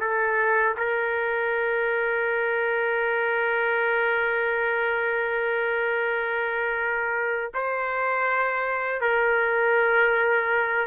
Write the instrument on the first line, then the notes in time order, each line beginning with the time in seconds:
trumpet
0.00 A4
0.77 A#4
7.54 C5
9.01 A#4